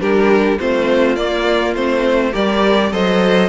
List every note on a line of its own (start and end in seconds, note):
0.00 0.59 G3
0.00 0.58 D4
0.00 0.59 G4
0.00 0.59 A#4
0.59 1.17 A3
0.59 1.17 C4
0.59 2.32 F4
0.59 1.16 C5
1.16 1.75 A#3
1.16 1.76 A#3
1.16 1.74 D5
1.75 2.33 A3
1.75 2.33 C4
1.75 2.34 C5
2.32 2.92 G3
2.32 2.91 G4
2.32 2.91 A#4
2.32 2.92 D5
2.92 3.49 F#3
2.92 3.49 A4
2.92 3.49 C5
2.92 3.49 D#5